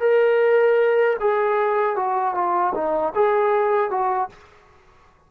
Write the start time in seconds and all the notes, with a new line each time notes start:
0.00 A#4
1.20 G#4
1.96 F#4
2.34 F4
2.74 D#4
3.15 G#4
3.90 F#4